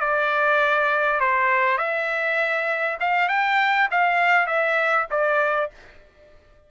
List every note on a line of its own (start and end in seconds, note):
0.00 1.20 D5
1.20 1.78 C5
1.78 2.98 E5
3.00 3.29 F5
3.29 3.89 G5
3.91 4.46 F5
4.46 5.06 E5
5.11 5.71 D5